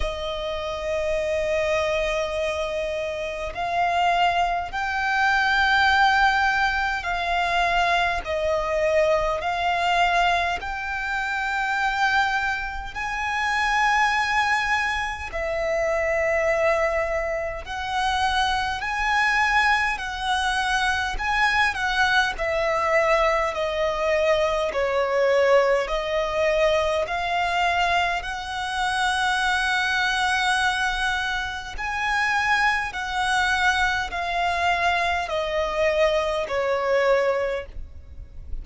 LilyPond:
\new Staff \with { instrumentName = "violin" } { \time 4/4 \tempo 4 = 51 dis''2. f''4 | g''2 f''4 dis''4 | f''4 g''2 gis''4~ | gis''4 e''2 fis''4 |
gis''4 fis''4 gis''8 fis''8 e''4 | dis''4 cis''4 dis''4 f''4 | fis''2. gis''4 | fis''4 f''4 dis''4 cis''4 | }